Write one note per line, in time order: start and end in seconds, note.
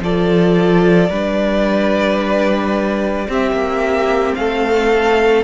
0.00 1.09 F3
0.00 1.10 F4
0.00 1.09 A4
0.00 3.31 D5
1.09 3.28 G3
1.09 3.28 D4
1.09 3.27 B4
3.28 5.44 C4
3.28 3.52 C4
3.28 4.37 G4
3.28 4.35 E5
3.52 4.34 A#3
4.35 5.44 A3
4.35 5.44 A4
4.35 5.44 F5